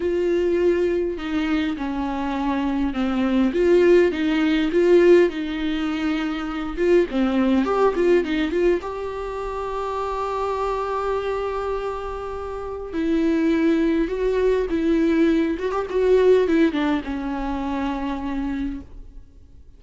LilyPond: \new Staff \with { instrumentName = "viola" } { \time 4/4 \tempo 4 = 102 f'2 dis'4 cis'4~ | cis'4 c'4 f'4 dis'4 | f'4 dis'2~ dis'8 f'8 | c'4 g'8 f'8 dis'8 f'8 g'4~ |
g'1~ | g'2 e'2 | fis'4 e'4. fis'16 g'16 fis'4 | e'8 d'8 cis'2. | }